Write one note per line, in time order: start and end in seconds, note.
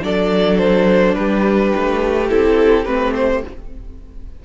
0.00 1.16 F#3
0.00 2.26 D4
0.00 1.17 A4
0.00 0.58 D5
0.58 1.15 C5
1.15 1.73 G3
1.15 3.45 G4
1.15 2.28 B4
1.77 2.31 A3
2.29 2.87 C4
2.29 2.86 E4
2.29 2.85 A4
2.85 3.43 A3
2.85 3.42 C4
2.85 3.14 B4
3.16 3.44 C5